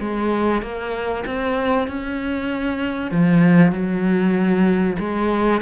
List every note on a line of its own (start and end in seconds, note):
0.00 0.62 G#3
0.62 1.24 A#3
1.26 1.88 C4
1.88 3.11 C#4
3.11 3.72 F3
3.72 4.97 F#3
4.99 5.61 G#3